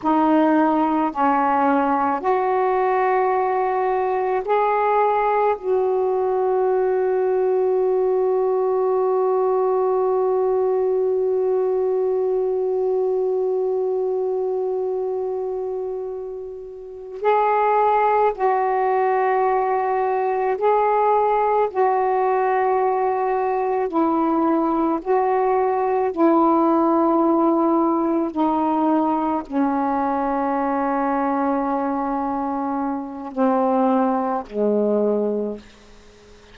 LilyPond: \new Staff \with { instrumentName = "saxophone" } { \time 4/4 \tempo 4 = 54 dis'4 cis'4 fis'2 | gis'4 fis'2.~ | fis'1~ | fis'2.~ fis'8 gis'8~ |
gis'8 fis'2 gis'4 fis'8~ | fis'4. e'4 fis'4 e'8~ | e'4. dis'4 cis'4.~ | cis'2 c'4 gis4 | }